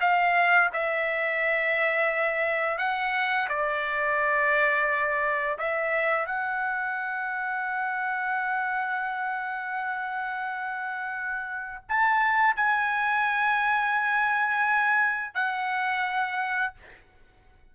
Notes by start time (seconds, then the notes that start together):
0.00 F5
0.73 E5
2.78 F#5
3.49 D5
5.58 E5
6.26 F#5
11.88 A5
12.56 G#5
15.34 F#5